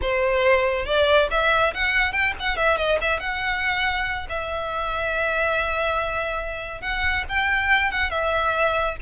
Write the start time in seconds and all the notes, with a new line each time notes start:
0.01 C5
0.85 D5
1.31 E5
1.74 F#5
2.12 G5
2.39 F#5
2.56 E5
2.77 D#5
3.01 E5
3.19 F#5
4.29 E5
6.81 F#5
7.28 G5
7.91 F#5
8.10 E5